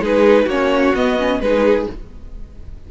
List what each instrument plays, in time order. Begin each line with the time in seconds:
0.00 cello G#3, viola D#4, violin G#4 B4
0.45 cello A#3, viola C#4, violin F#4 C#5
0.95 cello B3, viola B3, violin D#5
1.18 viola C#4
1.40 cello G#3, viola D#4, violin G#4 B4